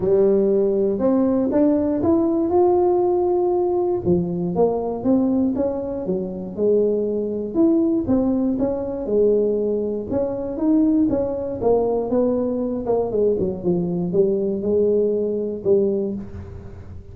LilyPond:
\new Staff \with { instrumentName = "tuba" } { \time 4/4 \tempo 4 = 119 g2 c'4 d'4 | e'4 f'2. | f4 ais4 c'4 cis'4 | fis4 gis2 e'4 |
c'4 cis'4 gis2 | cis'4 dis'4 cis'4 ais4 | b4. ais8 gis8 fis8 f4 | g4 gis2 g4 | }